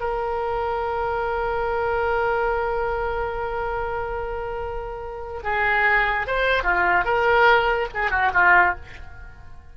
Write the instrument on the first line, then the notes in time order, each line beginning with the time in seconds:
oboe
0.00 A#4
5.43 G#4
6.27 C5
6.63 F4
7.04 A#4
7.94 G#4
8.10 F#4
8.34 F4